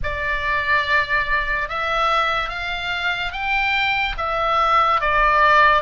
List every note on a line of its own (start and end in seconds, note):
0.03 1.69 D5
1.69 2.48 E5
2.48 3.32 F5
3.32 4.15 G5
4.17 5.00 E5
5.00 5.81 D5